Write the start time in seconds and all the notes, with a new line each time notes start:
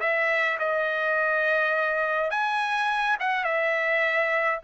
0.00 E5
0.59 D#5
2.31 G#5
3.20 F#5
3.44 E5